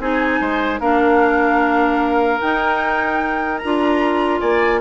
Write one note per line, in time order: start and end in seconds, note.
0.00 0.40 C4
0.00 0.81 D#4
0.00 0.41 G#4
0.00 0.80 G#5
0.41 0.80 G#3
0.41 0.81 C5
0.80 2.41 A#3
0.80 2.41 D4
0.80 4.41 A#4
0.80 2.41 F5
2.41 3.62 D#4
2.41 3.63 D#4
2.41 3.58 G5
3.58 4.42 D4
3.58 4.39 A#5
3.65 4.81 F4
4.41 4.81 A#3
4.41 4.81 D5
4.41 4.81 G#5